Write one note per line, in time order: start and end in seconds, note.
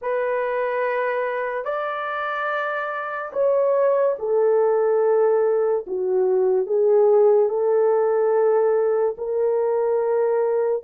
0.01 1.64 B4
1.64 3.31 D5
3.33 4.16 C#5
4.19 5.85 A4
5.86 6.66 F#4
6.66 7.48 G#4
7.48 9.15 A4
9.17 10.83 A#4